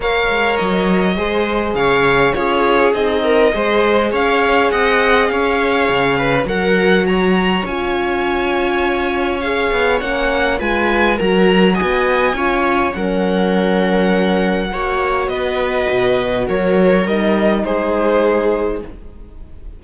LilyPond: <<
  \new Staff \with { instrumentName = "violin" } { \time 4/4 \tempo 4 = 102 f''4 dis''2 f''4 | cis''4 dis''2 f''4 | fis''4 f''2 fis''4 | ais''4 gis''2. |
f''4 fis''4 gis''4 ais''4 | gis''2 fis''2~ | fis''2 dis''2 | cis''4 dis''4 c''2 | }
  \new Staff \with { instrumentName = "viola" } { \time 4/4 cis''2 c''4 cis''4 | gis'4. ais'8 c''4 cis''4 | dis''4 cis''4. b'8 ais'4 | cis''1~ |
cis''2 b'4 ais'4 | dis''4 cis''4 ais'2~ | ais'4 cis''4 b'2 | ais'2 gis'2 | }
  \new Staff \with { instrumentName = "horn" } { \time 4/4 ais'2 gis'2 | f'4 dis'4 gis'2~ | gis'2. fis'4~ | fis'4 f'2. |
gis'4 cis'4 f'4 fis'4~ | fis'4 f'4 cis'2~ | cis'4 fis'2.~ | fis'4 dis'2. | }
  \new Staff \with { instrumentName = "cello" } { \time 4/4 ais8 gis8 fis4 gis4 cis4 | cis'4 c'4 gis4 cis'4 | c'4 cis'4 cis4 fis4~ | fis4 cis'2.~ |
cis'8 b8 ais4 gis4 fis4 | b4 cis'4 fis2~ | fis4 ais4 b4 b,4 | fis4 g4 gis2 | }
>>